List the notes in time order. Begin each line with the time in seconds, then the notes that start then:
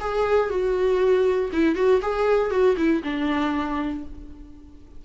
0.00 G#4
0.50 F#4
1.52 E4
1.75 F#4
2.01 G#4
2.50 F#4
2.77 E4
3.03 D4